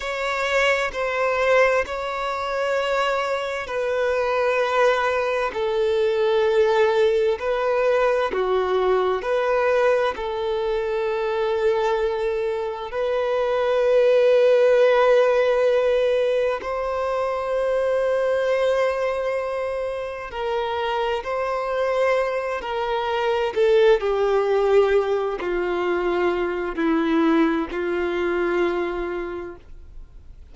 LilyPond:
\new Staff \with { instrumentName = "violin" } { \time 4/4 \tempo 4 = 65 cis''4 c''4 cis''2 | b'2 a'2 | b'4 fis'4 b'4 a'4~ | a'2 b'2~ |
b'2 c''2~ | c''2 ais'4 c''4~ | c''8 ais'4 a'8 g'4. f'8~ | f'4 e'4 f'2 | }